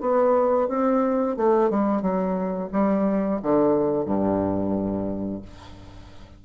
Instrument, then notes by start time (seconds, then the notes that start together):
bassoon
0.00 B3
0.68 C4
1.36 A3
1.70 G3
2.01 F#3
2.72 G3
3.42 D3
4.05 G2